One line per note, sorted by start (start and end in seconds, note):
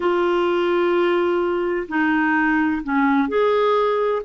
0.00 1.87 F4
1.88 2.82 D#4
2.83 3.28 C#4
3.28 4.22 G#4